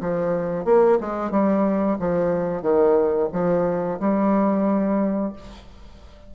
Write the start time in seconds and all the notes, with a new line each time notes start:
0.00 F3
0.65 A#3
1.00 G#3
1.31 G3
1.99 F3
2.62 D#3
3.32 F3
3.99 G3